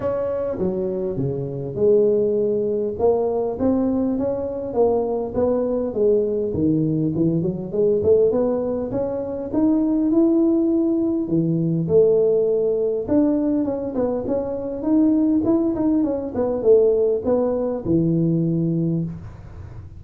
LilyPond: \new Staff \with { instrumentName = "tuba" } { \time 4/4 \tempo 4 = 101 cis'4 fis4 cis4 gis4~ | gis4 ais4 c'4 cis'4 | ais4 b4 gis4 dis4 | e8 fis8 gis8 a8 b4 cis'4 |
dis'4 e'2 e4 | a2 d'4 cis'8 b8 | cis'4 dis'4 e'8 dis'8 cis'8 b8 | a4 b4 e2 | }